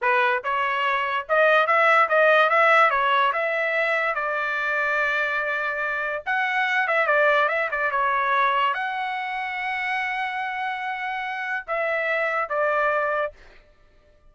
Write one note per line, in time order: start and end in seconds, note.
0.01 0.43 B4
0.43 1.27 C#5
1.28 1.66 D#5
1.66 2.08 E5
2.09 2.49 D#5
2.49 2.90 E5
2.90 3.32 C#5
3.32 4.15 E5
4.15 6.23 D5
6.26 6.87 F#5
6.87 7.06 E5
7.06 7.48 D5
7.48 7.69 E5
7.71 7.91 D5
7.91 8.74 C#5
8.74 11.66 F#5
11.67 12.49 E5
12.49 13.32 D5